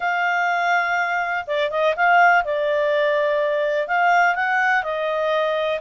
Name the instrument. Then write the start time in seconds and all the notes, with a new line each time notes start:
clarinet
0.00 F5
1.46 D5
1.70 D#5
1.96 F5
2.44 D5
3.87 F5
4.35 F#5
4.83 D#5